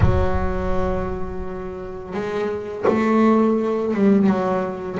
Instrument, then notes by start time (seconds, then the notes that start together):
double bass
0.00 F#3
2.13 G#3
2.87 A3
3.94 G3
4.26 F#3